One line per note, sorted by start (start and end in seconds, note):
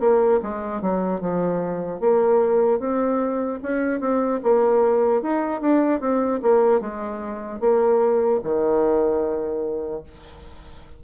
0.00 0.40 A#3
0.43 0.81 G#3
0.81 1.21 F#3
1.21 2.00 F3
2.00 2.80 A#3
2.80 3.60 C4
3.63 4.00 C#4
4.00 4.40 C4
4.43 5.22 A#3
5.22 5.61 D#4
5.61 6.00 D4
6.00 6.40 C4
6.42 6.81 A#3
6.81 7.60 G#3
7.60 8.40 A#3
8.43 10.03 D#3